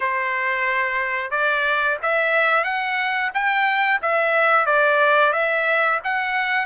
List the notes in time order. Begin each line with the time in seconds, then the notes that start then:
0.00 C5
1.31 D5
2.02 E5
2.64 F#5
3.33 G5
4.02 E5
4.66 D5
5.32 E5
6.03 F#5